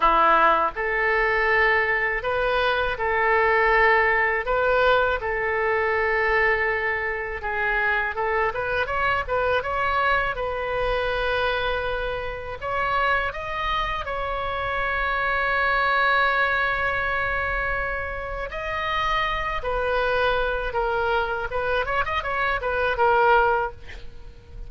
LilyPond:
\new Staff \with { instrumentName = "oboe" } { \time 4/4 \tempo 4 = 81 e'4 a'2 b'4 | a'2 b'4 a'4~ | a'2 gis'4 a'8 b'8 | cis''8 b'8 cis''4 b'2~ |
b'4 cis''4 dis''4 cis''4~ | cis''1~ | cis''4 dis''4. b'4. | ais'4 b'8 cis''16 dis''16 cis''8 b'8 ais'4 | }